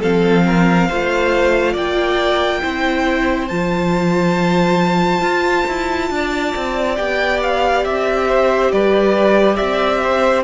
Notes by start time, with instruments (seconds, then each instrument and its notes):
0.00 cello F3, viola C4, violin A4 F5
0.46 violin A#4
0.88 cello A3, viola F4, violin C5
1.73 cello A#3, violin D5 G5
2.62 cello C4, viola E4, violin C5
3.48 cello F3, viola F4, violin A5
5.21 cello F4
5.68 cello E4
6.11 cello D4, violin D5
6.56 cello C4
6.96 cello B3, viola G4, violin G5
7.43 violin F5
7.85 cello C4, violin E5
8.28 violin C5
8.72 cello G3, violin B4 D5
9.55 cello C4, violin D5 E5
10.04 violin C5